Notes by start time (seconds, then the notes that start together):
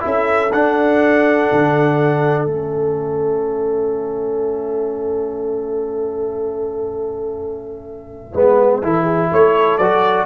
0.00 C#4 E4 A4 E5
0.52 D4 F#5
1.52 D3
2.45 A3 C#4 E5
8.33 G#3 B3 B4
8.82 E3 E4 A4
9.04 G#4
9.31 A3 A4 C#5
9.78 F#3 F#4 D5